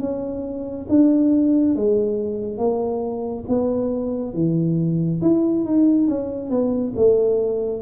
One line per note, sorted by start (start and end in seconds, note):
0.00 0.87 C#4
0.89 1.76 D4
1.76 2.58 G#3
2.58 3.45 A#3
3.48 4.34 B3
4.34 5.21 E3
5.22 5.65 E4
5.65 6.08 D#4
6.08 6.50 C#4
6.50 6.94 B3
6.96 7.82 A3